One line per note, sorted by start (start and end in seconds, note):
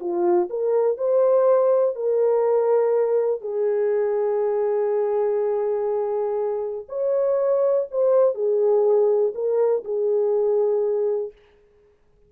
0.00 0.49 F4
0.50 0.98 A#4
0.98 1.95 C5
1.95 3.41 A#4
3.41 6.85 G#4
6.89 7.87 C#5
7.91 8.35 C5
8.35 9.33 G#4
9.35 9.84 A#4
9.85 11.32 G#4